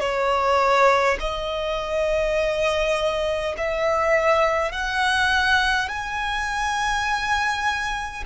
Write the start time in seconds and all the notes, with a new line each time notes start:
0.00 C#5
1.20 D#5
3.58 E5
4.72 F#5
5.89 G#5